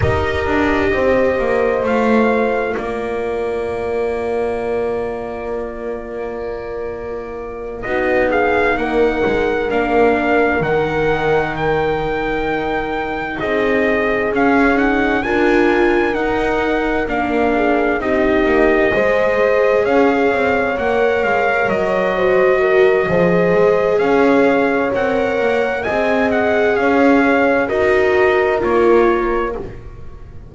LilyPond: <<
  \new Staff \with { instrumentName = "trumpet" } { \time 4/4 \tempo 4 = 65 dis''2 f''4 d''4~ | d''1~ | d''8 dis''8 f''8 fis''4 f''4 fis''8~ | fis''8 g''2 dis''4 f''8 |
fis''8 gis''4 fis''4 f''4 dis''8~ | dis''4. f''4 fis''8 f''8 dis''8~ | dis''2 f''4 fis''4 | gis''8 fis''8 f''4 dis''4 cis''4 | }
  \new Staff \with { instrumentName = "horn" } { \time 4/4 ais'4 c''2 ais'4~ | ais'1~ | ais'8 fis'8 gis'8 ais'2~ ais'8~ | ais'2~ ais'8 gis'4.~ |
gis'8 ais'2~ ais'8 gis'8 g'8~ | g'8 c''4 cis''2~ cis''8 | c''8 ais'8 c''4 cis''2 | dis''4 cis''4 ais'2 | }
  \new Staff \with { instrumentName = "viola" } { \time 4/4 g'2 f'2~ | f'1~ | f'8 dis'2 d'4 dis'8~ | dis'2.~ dis'8 cis'8 |
dis'8 f'4 dis'4 d'4 dis'8~ | dis'8 gis'2 ais'4. | fis'4 gis'2 ais'4 | gis'2 fis'4 f'4 | }
  \new Staff \with { instrumentName = "double bass" } { \time 4/4 dis'8 d'8 c'8 ais8 a4 ais4~ | ais1~ | ais8 b4 ais8 gis8 ais4 dis8~ | dis2~ dis8 c'4 cis'8~ |
cis'8 d'4 dis'4 ais4 c'8 | ais8 gis4 cis'8 c'8 ais8 gis8 fis8~ | fis4 f8 gis8 cis'4 c'8 ais8 | c'4 cis'4 dis'4 ais4 | }
>>